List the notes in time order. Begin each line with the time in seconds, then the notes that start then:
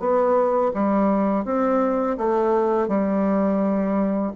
0.00 B3
0.75 G3
1.45 C4
2.18 A3
2.88 G3